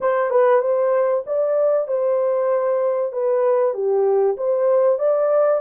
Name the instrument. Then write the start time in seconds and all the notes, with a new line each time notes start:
horn
0.00 C5
0.30 B4
0.61 C5
1.26 D5
1.87 C5
3.12 B4
3.74 G4
4.37 C5
4.98 D5